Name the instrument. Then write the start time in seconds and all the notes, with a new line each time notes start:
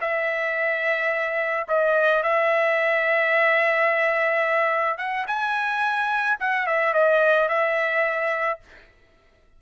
trumpet
0.00 E5
1.68 D#5
2.23 E5
4.97 F#5
5.27 G#5
6.40 F#5
6.66 E5
6.93 D#5
7.48 E5